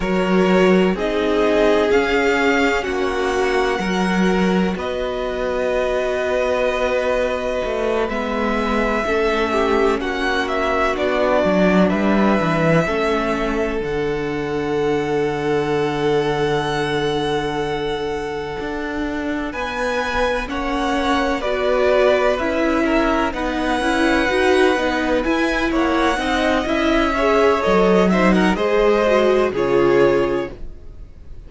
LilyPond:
<<
  \new Staff \with { instrumentName = "violin" } { \time 4/4 \tempo 4 = 63 cis''4 dis''4 f''4 fis''4~ | fis''4 dis''2.~ | dis''8 e''2 fis''8 e''8 d''8~ | d''8 e''2 fis''4.~ |
fis''1~ | fis''8 gis''4 fis''4 d''4 e''8~ | e''8 fis''2 gis''8 fis''4 | e''4 dis''8 e''16 fis''16 dis''4 cis''4 | }
  \new Staff \with { instrumentName = "violin" } { \time 4/4 ais'4 gis'2 fis'4 | ais'4 b'2.~ | b'4. a'8 g'8 fis'4.~ | fis'8 b'4 a'2~ a'8~ |
a'1~ | a'8 b'4 cis''4 b'4. | ais'8 b'2~ b'8 cis''8 dis''8~ | dis''8 cis''4 c''16 ais'16 c''4 gis'4 | }
  \new Staff \with { instrumentName = "viola" } { \time 4/4 fis'4 dis'4 cis'2 | fis'1~ | fis'8 b4 cis'2 d'8~ | d'4. cis'4 d'4.~ |
d'1~ | d'4. cis'4 fis'4 e'8~ | e'8 dis'8 e'8 fis'8 dis'8 e'4 dis'8 | e'8 gis'8 a'8 dis'8 gis'8 fis'8 f'4 | }
  \new Staff \with { instrumentName = "cello" } { \time 4/4 fis4 c'4 cis'4 ais4 | fis4 b2. | a8 gis4 a4 ais4 b8 | fis8 g8 e8 a4 d4.~ |
d2.~ d8 d'8~ | d'8 b4 ais4 b4 cis'8~ | cis'8 b8 cis'8 dis'8 b8 e'8 ais8 c'8 | cis'4 fis4 gis4 cis4 | }
>>